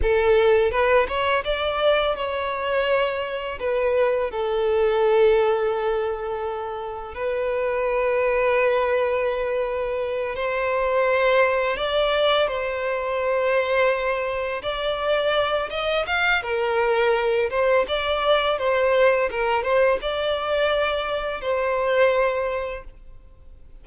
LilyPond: \new Staff \with { instrumentName = "violin" } { \time 4/4 \tempo 4 = 84 a'4 b'8 cis''8 d''4 cis''4~ | cis''4 b'4 a'2~ | a'2 b'2~ | b'2~ b'8 c''4.~ |
c''8 d''4 c''2~ c''8~ | c''8 d''4. dis''8 f''8 ais'4~ | ais'8 c''8 d''4 c''4 ais'8 c''8 | d''2 c''2 | }